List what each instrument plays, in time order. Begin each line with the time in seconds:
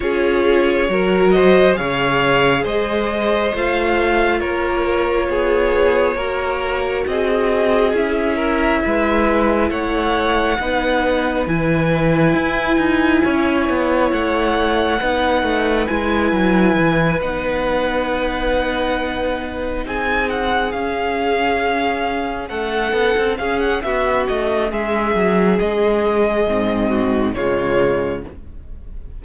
0.00 cello C#4, viola F4, violin G#4 C#5
0.88 cello F#3, viola F#4, violin A#4
1.30 violin C5 D#5
1.74 cello C#3, viola G#4, violin C#5 F5
2.62 cello G#3, violin C5 D#5
3.54 cello A3, viola F4, violin F5
4.39 cello A#3, violin A#4 C#5
5.28 cello B3, violin G#4
6.15 cello A#3, viola F#4, violin A#4
7.07 cello C4, violin G#4 D#5
7.93 cello C#4, viola E4, violin E5
8.36 violin A#4
8.85 cello G#3, violin B4
9.69 cello A3, violin C#5 F#5
10.58 cello B3, viola D#4, violin B4
11.47 cello E3, viola E4, violin G#5
12.34 cello E4
12.77 cello D#4
13.23 cello C#4, violin C#5
13.69 cello B3
14.11 cello A3, violin F#5
15.00 cello B3, viola D#4, violin B4
15.42 cello A3
15.87 cello G#3, viola E4, violin G#5
16.32 cello F#3
16.77 cello E3
17.20 cello B3, viola D#4, violin F#5
19.85 cello C4, violin G#4 G#5
20.29 violin F#5
20.72 viola C#4, cello C#4, violin F5
22.48 cello A3, violin A4 F#5
22.92 cello B3
23.17 cello C4
23.37 cello C#4, violin G#4 F5
23.59 violin F#5
23.82 cello B3, violin F#4 E5
24.27 cello A3, violin D#5
24.70 cello G#3, violin G#4 E5
25.15 cello F#3
25.59 cello G#3, violin D#5
26.47 cello G#2, viola C4
26.88 violin F#4
27.34 cello C#3, viola G#3, violin F4 C#5